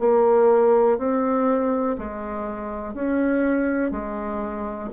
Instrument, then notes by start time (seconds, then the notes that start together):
bassoon
0.00 A#3
0.98 C4
1.98 G#3
2.94 C#4
3.92 G#3